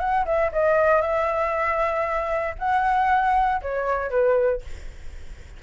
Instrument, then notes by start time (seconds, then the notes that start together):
flute
0.00 F#5
0.26 E5
0.53 D#5
1.02 E5
2.59 F#5
3.62 C#5
4.11 B4